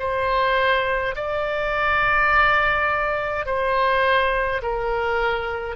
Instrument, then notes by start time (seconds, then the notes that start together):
oboe
0.00 C5
1.16 D5
3.46 C5
4.63 A#4